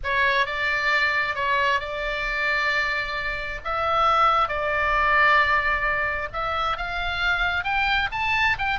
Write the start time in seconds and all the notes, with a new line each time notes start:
0.03 C#5
0.46 D5
1.35 C#5
1.79 D5
3.64 E5
4.48 D5
6.32 E5
6.77 F5
7.64 G5
8.11 A5
8.58 G5